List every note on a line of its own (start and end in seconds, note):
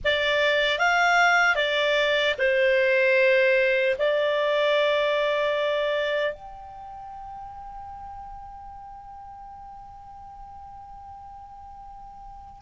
0.04 0.78 D5
0.78 1.55 F5
1.55 2.34 D5
2.38 3.96 C5
3.98 6.33 D5
6.33 12.61 G5